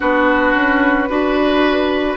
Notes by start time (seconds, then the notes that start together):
0.00 B3 D4 F#4 B4
0.55 C#4
1.08 D4 F#4 B4